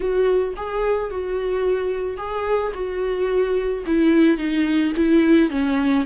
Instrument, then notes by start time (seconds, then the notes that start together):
viola
0.00 F#4
0.56 G#4
1.10 F#4
2.17 G#4
2.74 F#4
3.86 E4
4.37 D#4
4.96 E4
5.49 C#4